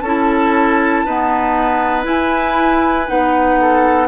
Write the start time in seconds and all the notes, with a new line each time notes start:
0.00 C#4 E4 A4 A5
1.05 B3 D#4 B4
2.04 E4 G#5
3.06 B3 D#4 F#5
3.60 A4